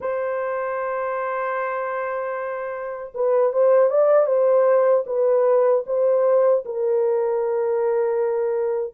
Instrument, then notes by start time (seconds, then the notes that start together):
horn
0.00 C5
3.14 B4
3.53 C5
3.90 D5
4.26 C5
5.06 B4
5.86 C5
6.65 A#4